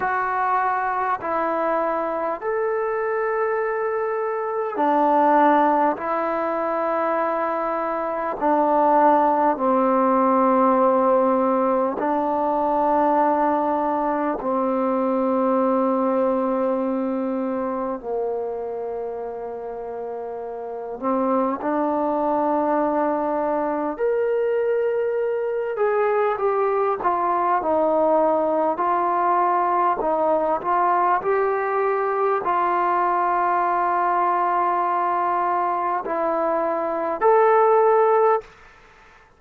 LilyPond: \new Staff \with { instrumentName = "trombone" } { \time 4/4 \tempo 4 = 50 fis'4 e'4 a'2 | d'4 e'2 d'4 | c'2 d'2 | c'2. ais4~ |
ais4. c'8 d'2 | ais'4. gis'8 g'8 f'8 dis'4 | f'4 dis'8 f'8 g'4 f'4~ | f'2 e'4 a'4 | }